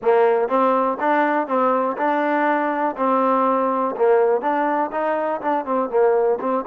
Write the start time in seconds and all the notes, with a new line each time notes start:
0.02 A#3
0.48 C4
1.00 D4
1.47 C4
1.97 D4
2.96 C4
3.96 A#3
4.41 D4
4.91 D#4
5.41 D4
5.65 C4
5.89 A#3
6.40 C4